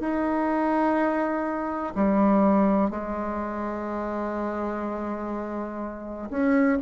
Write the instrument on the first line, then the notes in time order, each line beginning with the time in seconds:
bassoon
0.00 D#4
1.95 G3
2.90 G#3
6.30 C#4